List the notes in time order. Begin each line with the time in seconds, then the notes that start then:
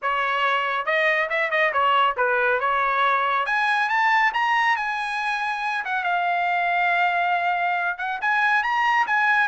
0.02 C#5
0.85 D#5
1.29 E5
1.50 D#5
1.72 C#5
2.16 B4
2.59 C#5
3.46 G#5
3.89 A5
4.33 A#5
4.76 G#5
5.84 F#5
6.03 F5
7.97 F#5
8.21 G#5
8.63 A#5
9.06 G#5